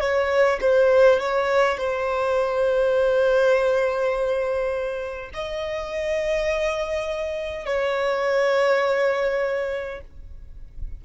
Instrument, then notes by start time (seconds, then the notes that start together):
violin
0.00 C#5
0.60 C5
1.19 C#5
1.77 C5
5.33 D#5
7.65 C#5